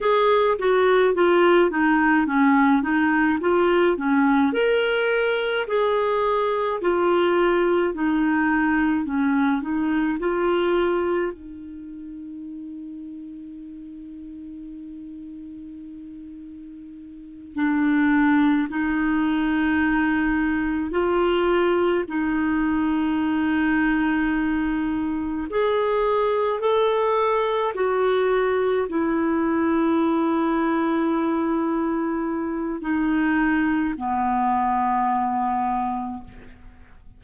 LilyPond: \new Staff \with { instrumentName = "clarinet" } { \time 4/4 \tempo 4 = 53 gis'8 fis'8 f'8 dis'8 cis'8 dis'8 f'8 cis'8 | ais'4 gis'4 f'4 dis'4 | cis'8 dis'8 f'4 dis'2~ | dis'2.~ dis'8 d'8~ |
d'8 dis'2 f'4 dis'8~ | dis'2~ dis'8 gis'4 a'8~ | a'8 fis'4 e'2~ e'8~ | e'4 dis'4 b2 | }